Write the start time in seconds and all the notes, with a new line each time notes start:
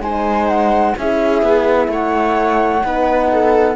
0.00 G#3 D#4 C5 G#5
0.49 F#5
0.98 C#4 E4 G#4 E5
1.43 B3
1.88 A3 C#5 F#5
2.82 B3 D#4 B4
3.31 A4